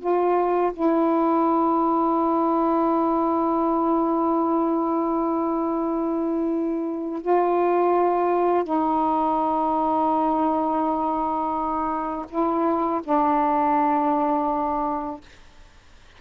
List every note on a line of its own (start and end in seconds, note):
0.00 0.72 F4
0.74 7.22 E4
7.22 8.65 F4
8.65 12.26 D#4
12.30 13.02 E4
13.04 15.21 D4